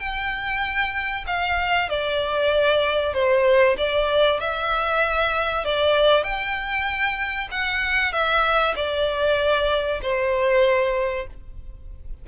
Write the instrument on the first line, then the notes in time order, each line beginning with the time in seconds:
violin
0.00 G5
1.27 F5
1.89 D5
3.14 C5
3.78 D5
4.40 E5
5.65 D5
6.24 G5
7.52 F#5
8.12 E5
8.76 D5
10.02 C5